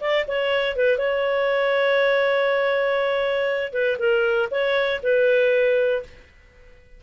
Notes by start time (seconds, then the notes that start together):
0.00 D5
0.27 C#5
0.75 B4
0.97 C#5
3.72 B4
3.99 A#4
4.50 C#5
5.02 B4